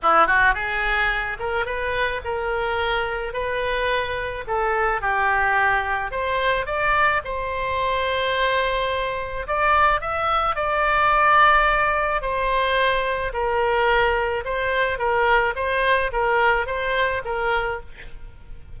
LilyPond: \new Staff \with { instrumentName = "oboe" } { \time 4/4 \tempo 4 = 108 e'8 fis'8 gis'4. ais'8 b'4 | ais'2 b'2 | a'4 g'2 c''4 | d''4 c''2.~ |
c''4 d''4 e''4 d''4~ | d''2 c''2 | ais'2 c''4 ais'4 | c''4 ais'4 c''4 ais'4 | }